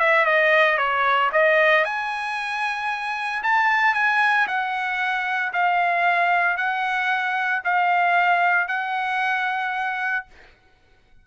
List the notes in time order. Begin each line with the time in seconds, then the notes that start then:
0.00 E5
0.26 D#5
0.78 C#5
1.33 D#5
1.85 G#5
3.43 A5
3.95 G#5
4.48 F#5
5.54 F5
6.57 F#5
7.65 F5
8.68 F#5